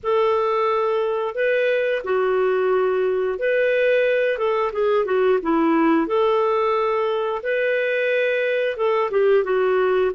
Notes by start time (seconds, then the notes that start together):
0.03 A4
1.35 B4
2.04 F#4
3.39 B4
4.38 A4
4.72 G#4
5.05 F#4
5.42 E4
6.07 A4
7.42 B4
8.76 A4
9.10 G4
9.44 F#4